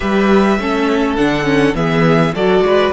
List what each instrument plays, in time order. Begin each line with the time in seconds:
0.00 cello G3, viola G4, violin B4 E5
0.58 cello A3, viola C#4, violin A4
1.16 cello D3, viola D4, violin F#5
1.43 viola C#4
1.74 cello E3, viola B3, violin G#4 E5
2.35 cello F#3, viola F#4, violin A4 D5
2.60 cello G#3, violin B4